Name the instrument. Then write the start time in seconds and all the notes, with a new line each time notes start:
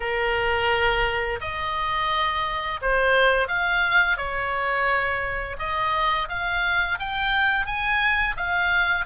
oboe
0.00 A#4
1.40 D#5
2.81 C5
3.48 F5
4.17 C#5
5.58 D#5
6.29 F5
6.99 G5
7.66 G#5
8.37 F5